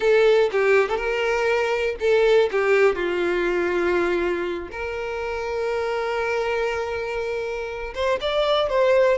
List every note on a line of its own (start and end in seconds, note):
0.00 0.50 A4
0.52 0.88 G4
0.88 0.96 A4
0.96 1.95 A#4
1.99 2.49 A4
2.51 2.95 G4
2.95 4.69 F4
4.71 7.94 A#4
7.94 8.19 C5
8.20 8.69 D5
8.69 9.18 C5